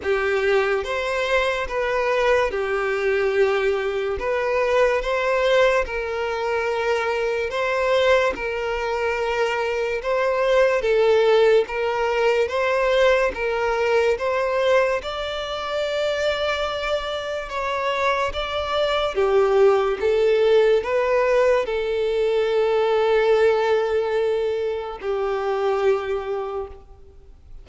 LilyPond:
\new Staff \with { instrumentName = "violin" } { \time 4/4 \tempo 4 = 72 g'4 c''4 b'4 g'4~ | g'4 b'4 c''4 ais'4~ | ais'4 c''4 ais'2 | c''4 a'4 ais'4 c''4 |
ais'4 c''4 d''2~ | d''4 cis''4 d''4 g'4 | a'4 b'4 a'2~ | a'2 g'2 | }